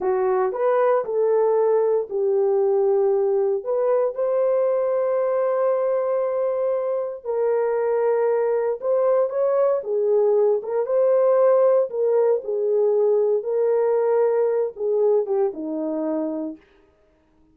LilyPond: \new Staff \with { instrumentName = "horn" } { \time 4/4 \tempo 4 = 116 fis'4 b'4 a'2 | g'2. b'4 | c''1~ | c''2 ais'2~ |
ais'4 c''4 cis''4 gis'4~ | gis'8 ais'8 c''2 ais'4 | gis'2 ais'2~ | ais'8 gis'4 g'8 dis'2 | }